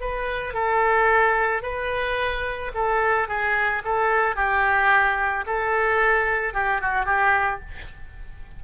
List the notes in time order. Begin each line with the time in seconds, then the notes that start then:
0.00 B4
0.53 A4
1.62 B4
2.74 A4
3.28 G#4
3.84 A4
4.35 G4
5.46 A4
6.54 G4
6.81 F#4
7.05 G4